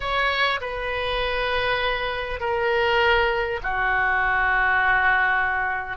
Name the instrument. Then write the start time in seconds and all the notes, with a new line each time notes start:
oboe
0.00 C#5
0.60 B4
2.40 A#4
3.63 F#4